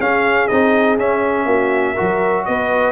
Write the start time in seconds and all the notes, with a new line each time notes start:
0.00 C#4 G#4 F5
0.48 C4 D#4 D#5
0.98 C#4 E5
1.45 A#3 F#4
1.93 F#4 A#4
2.00 F#3
2.45 B3 B4 D#5